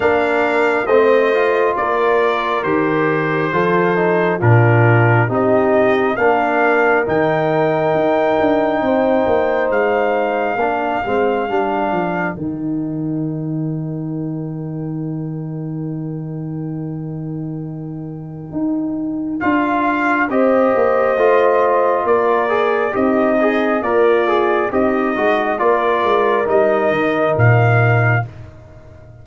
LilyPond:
<<
  \new Staff \with { instrumentName = "trumpet" } { \time 4/4 \tempo 4 = 68 f''4 dis''4 d''4 c''4~ | c''4 ais'4 dis''4 f''4 | g''2. f''4~ | f''2 g''2~ |
g''1~ | g''2 f''4 dis''4~ | dis''4 d''4 dis''4 d''4 | dis''4 d''4 dis''4 f''4 | }
  \new Staff \with { instrumentName = "horn" } { \time 4/4 ais'4 c''4 ais'2 | a'4 f'4 g'4 ais'4~ | ais'2 c''2 | ais'1~ |
ais'1~ | ais'2. c''4~ | c''4 ais'4 dis'4 f'4 | dis'4 ais'2. | }
  \new Staff \with { instrumentName = "trombone" } { \time 4/4 d'4 c'8 f'4. g'4 | f'8 dis'8 d'4 dis'4 d'4 | dis'1 | d'8 c'8 d'4 dis'2~ |
dis'1~ | dis'2 f'4 g'4 | f'4. gis'8 g'8 gis'8 ais'8 gis'8 | g'8 fis'8 f'4 dis'2 | }
  \new Staff \with { instrumentName = "tuba" } { \time 4/4 ais4 a4 ais4 dis4 | f4 ais,4 c'4 ais4 | dis4 dis'8 d'8 c'8 ais8 gis4 | ais8 gis8 g8 f8 dis2~ |
dis1~ | dis4 dis'4 d'4 c'8 ais8 | a4 ais4 c'4 ais4 | c'8 gis8 ais8 gis8 g8 dis8 ais,4 | }
>>